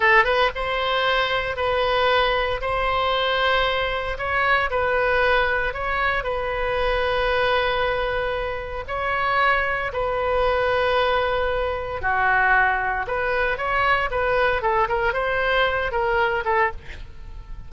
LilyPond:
\new Staff \with { instrumentName = "oboe" } { \time 4/4 \tempo 4 = 115 a'8 b'8 c''2 b'4~ | b'4 c''2. | cis''4 b'2 cis''4 | b'1~ |
b'4 cis''2 b'4~ | b'2. fis'4~ | fis'4 b'4 cis''4 b'4 | a'8 ais'8 c''4. ais'4 a'8 | }